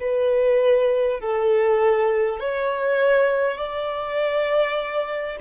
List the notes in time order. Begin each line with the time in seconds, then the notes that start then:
0.00 B4
1.21 A4
2.39 C#5
3.57 D5